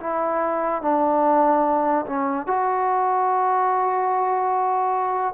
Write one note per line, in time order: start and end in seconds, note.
0.00 0.82 E4
0.82 2.05 D4
2.06 2.47 C#4
2.47 5.33 F#4